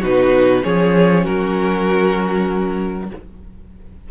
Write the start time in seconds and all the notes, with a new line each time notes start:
0.00 B2 D#4 F#4 B4
0.62 F3 C#4 G#4 C#5
1.23 F#3 F#4 A#4